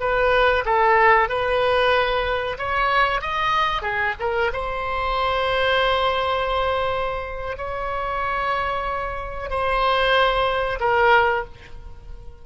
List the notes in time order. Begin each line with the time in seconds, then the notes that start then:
0.00 B4
0.65 A4
1.29 B4
2.58 C#5
3.21 D#5
3.82 G#4
4.19 A#4
4.53 C5
7.57 C#5
9.50 C5
10.80 A#4